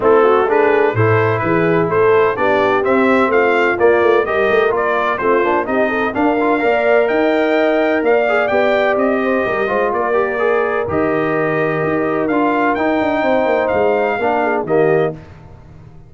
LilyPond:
<<
  \new Staff \with { instrumentName = "trumpet" } { \time 4/4 \tempo 4 = 127 a'4 b'4 c''4 b'4 | c''4 d''4 e''4 f''4 | d''4 dis''4 d''4 c''4 | dis''4 f''2 g''4~ |
g''4 f''4 g''4 dis''4~ | dis''4 d''2 dis''4~ | dis''2 f''4 g''4~ | g''4 f''2 dis''4 | }
  \new Staff \with { instrumentName = "horn" } { \time 4/4 e'8 fis'8 gis'4 a'4 gis'4 | a'4 g'2 f'4~ | f'4 ais'2 f'4 | g'8 a'8 ais'4 d''4 dis''4~ |
dis''4 d''2~ d''8 c''8 | ais'8 c''8 ais'2.~ | ais'1 | c''2 ais'8 gis'8 g'4 | }
  \new Staff \with { instrumentName = "trombone" } { \time 4/4 c'4 d'4 e'2~ | e'4 d'4 c'2 | ais4 g'4 f'4 c'8 d'8 | dis'4 d'8 f'8 ais'2~ |
ais'4. gis'8 g'2~ | g'8 f'4 g'8 gis'4 g'4~ | g'2 f'4 dis'4~ | dis'2 d'4 ais4 | }
  \new Staff \with { instrumentName = "tuba" } { \time 4/4 a2 a,4 e4 | a4 b4 c'4 a4 | ais8 a8 g8 a8 ais4 a8 ais8 | c'4 d'4 ais4 dis'4~ |
dis'4 ais4 b4 c'4 | g8 gis8 ais2 dis4~ | dis4 dis'4 d'4 dis'8 d'8 | c'8 ais8 gis4 ais4 dis4 | }
>>